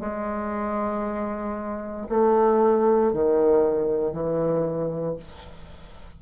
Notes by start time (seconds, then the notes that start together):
0.00 G#3
2.09 A3
3.13 D#3
4.12 E3